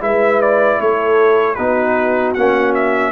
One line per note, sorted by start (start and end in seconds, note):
0.00 0.79 G#3
0.00 1.56 E4
0.00 0.80 B4
0.00 0.41 E5
0.42 0.81 D5
0.80 1.57 A3
0.80 1.57 A4
0.80 1.55 C#5
1.55 2.35 B3
1.55 2.36 D#4
1.55 3.12 F#4
1.55 2.32 B4
2.34 3.12 A#3
2.34 3.12 C#4
2.34 2.73 F#5
2.74 3.12 E5